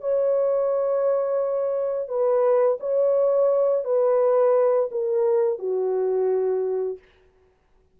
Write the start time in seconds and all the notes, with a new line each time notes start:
0.00 C#5
2.08 B4
2.80 C#5
3.84 B4
4.91 A#4
5.58 F#4